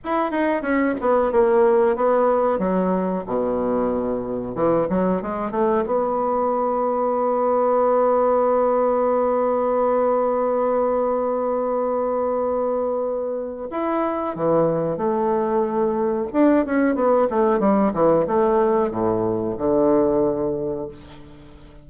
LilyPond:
\new Staff \with { instrumentName = "bassoon" } { \time 4/4 \tempo 4 = 92 e'8 dis'8 cis'8 b8 ais4 b4 | fis4 b,2 e8 fis8 | gis8 a8 b2.~ | b1~ |
b1~ | b4 e'4 e4 a4~ | a4 d'8 cis'8 b8 a8 g8 e8 | a4 a,4 d2 | }